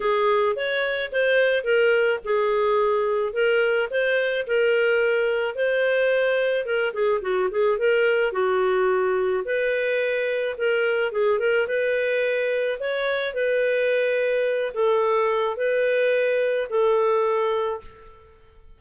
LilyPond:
\new Staff \with { instrumentName = "clarinet" } { \time 4/4 \tempo 4 = 108 gis'4 cis''4 c''4 ais'4 | gis'2 ais'4 c''4 | ais'2 c''2 | ais'8 gis'8 fis'8 gis'8 ais'4 fis'4~ |
fis'4 b'2 ais'4 | gis'8 ais'8 b'2 cis''4 | b'2~ b'8 a'4. | b'2 a'2 | }